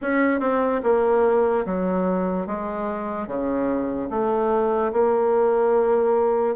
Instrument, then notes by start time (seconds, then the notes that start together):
bassoon
0.01 C#4
0.40 C4
0.83 A#3
1.65 F#3
2.46 G#3
3.27 C#3
4.09 A3
4.92 A#3